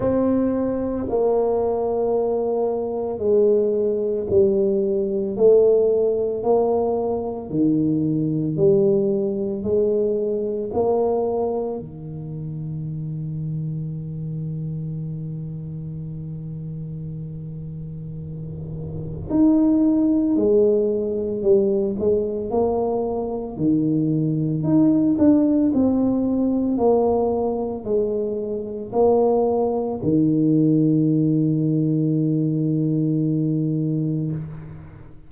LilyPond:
\new Staff \with { instrumentName = "tuba" } { \time 4/4 \tempo 4 = 56 c'4 ais2 gis4 | g4 a4 ais4 dis4 | g4 gis4 ais4 dis4~ | dis1~ |
dis2 dis'4 gis4 | g8 gis8 ais4 dis4 dis'8 d'8 | c'4 ais4 gis4 ais4 | dis1 | }